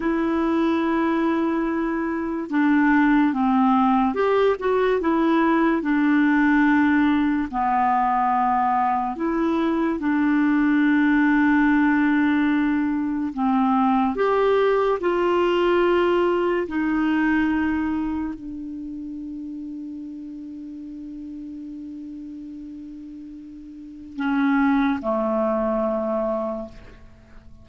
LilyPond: \new Staff \with { instrumentName = "clarinet" } { \time 4/4 \tempo 4 = 72 e'2. d'4 | c'4 g'8 fis'8 e'4 d'4~ | d'4 b2 e'4 | d'1 |
c'4 g'4 f'2 | dis'2 d'2~ | d'1~ | d'4 cis'4 a2 | }